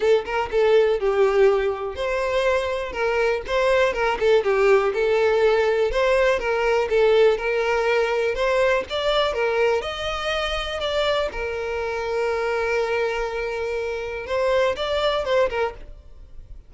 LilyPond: \new Staff \with { instrumentName = "violin" } { \time 4/4 \tempo 4 = 122 a'8 ais'8 a'4 g'2 | c''2 ais'4 c''4 | ais'8 a'8 g'4 a'2 | c''4 ais'4 a'4 ais'4~ |
ais'4 c''4 d''4 ais'4 | dis''2 d''4 ais'4~ | ais'1~ | ais'4 c''4 d''4 c''8 ais'8 | }